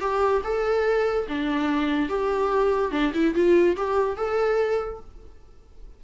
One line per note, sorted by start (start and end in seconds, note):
0.00 0.42 G4
0.44 1.27 A4
1.28 2.09 D4
2.09 2.91 G4
2.91 3.12 D4
3.14 3.34 E4
3.34 3.76 F4
3.77 4.16 G4
4.16 5.00 A4